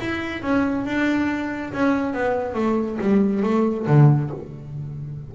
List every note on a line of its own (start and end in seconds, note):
0.00 0.43 E4
0.43 0.86 C#4
0.86 1.73 D4
1.74 2.14 C#4
2.14 2.55 B3
2.55 2.98 A3
3.02 3.43 G3
3.43 3.87 A3
3.87 4.31 D3